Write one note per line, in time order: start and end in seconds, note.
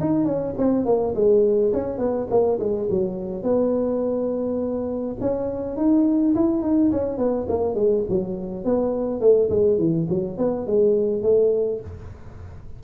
0.00 0.25 D#4
0.25 0.53 C#4
0.58 0.85 C4
0.85 1.14 A#3
1.15 1.72 G#3
1.73 1.98 C#4
1.98 2.27 B3
2.30 2.59 A#3
2.59 2.88 G#3
2.90 3.43 F#3
3.43 5.16 B3
5.21 5.77 C#4
5.77 6.34 D#4
6.35 6.62 E4
6.62 6.91 D#4
6.91 7.18 C#4
7.18 7.47 B3
7.49 7.74 A#3
7.74 8.03 G#3
8.09 8.64 F#3
8.64 9.20 B3
9.20 9.49 A3
9.50 9.78 G#3
9.78 10.07 E3
10.09 10.37 F#3
10.37 10.66 B3
10.66 11.23 G#3
11.23 11.80 A3